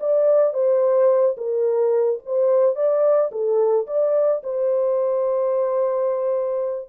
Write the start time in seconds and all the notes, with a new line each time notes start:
0.00 D5
0.53 C5
1.37 A#4
2.25 C5
2.75 D5
3.31 A4
3.87 D5
4.43 C5